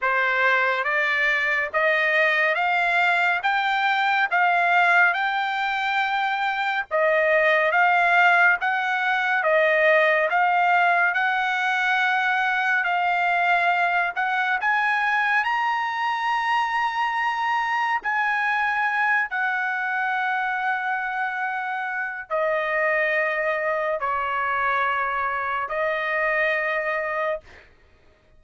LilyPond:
\new Staff \with { instrumentName = "trumpet" } { \time 4/4 \tempo 4 = 70 c''4 d''4 dis''4 f''4 | g''4 f''4 g''2 | dis''4 f''4 fis''4 dis''4 | f''4 fis''2 f''4~ |
f''8 fis''8 gis''4 ais''2~ | ais''4 gis''4. fis''4.~ | fis''2 dis''2 | cis''2 dis''2 | }